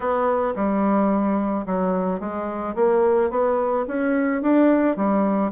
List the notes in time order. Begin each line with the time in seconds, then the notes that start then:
0.00 B3
0.55 G3
1.66 F#3
2.19 G#3
2.75 A#3
3.30 B3
3.87 C#4
4.42 D4
4.96 G3